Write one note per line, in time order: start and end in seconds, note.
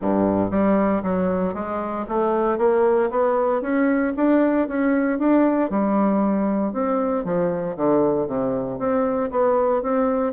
0.01 0.50 G2
0.50 1.02 G3
1.02 1.54 F#3
1.54 2.05 G#3
2.08 2.58 A3
2.58 3.09 A#3
3.10 3.61 B3
3.61 4.13 C#4
4.16 4.68 D4
4.68 5.18 C#4
5.18 5.70 D4
5.70 6.72 G3
6.72 7.24 C4
7.24 7.76 F3
7.76 8.27 D3
8.27 8.78 C3
8.78 9.30 C4
9.30 9.82 B3
9.82 10.33 C4